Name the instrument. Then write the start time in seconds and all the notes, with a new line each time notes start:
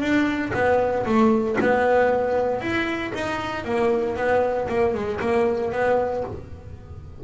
double bass
0.00 D4
0.53 B3
1.06 A3
1.60 B3
2.61 E4
3.14 D#4
3.64 A#3
4.16 B3
4.68 A#3
4.94 G#3
5.20 A#3
5.72 B3